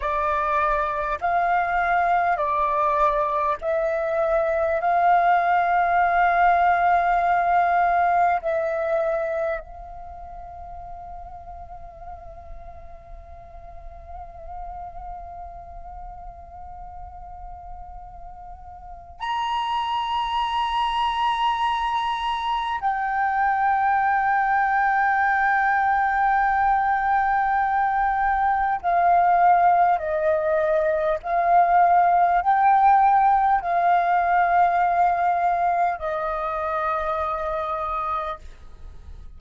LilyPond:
\new Staff \with { instrumentName = "flute" } { \time 4/4 \tempo 4 = 50 d''4 f''4 d''4 e''4 | f''2. e''4 | f''1~ | f''1 |
ais''2. g''4~ | g''1 | f''4 dis''4 f''4 g''4 | f''2 dis''2 | }